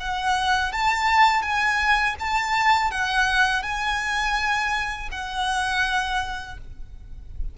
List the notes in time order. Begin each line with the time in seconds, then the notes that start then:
0.00 F#5
0.72 A5
1.42 G#5
2.20 A5
2.91 F#5
3.63 G#5
5.11 F#5